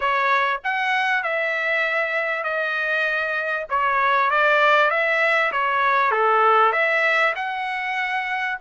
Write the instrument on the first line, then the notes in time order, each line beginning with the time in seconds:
trumpet
0.00 C#5
0.64 F#5
1.23 E5
2.43 D#5
3.69 C#5
4.30 D5
4.90 E5
5.52 C#5
6.11 A4
6.72 E5
7.35 F#5